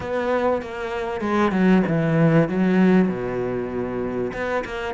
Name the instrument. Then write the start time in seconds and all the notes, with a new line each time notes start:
cello
0.00 B3
0.62 A#3
1.20 G#3
1.51 F#3
1.87 E3
2.49 F#3
3.08 B2
4.33 B3
4.64 A#3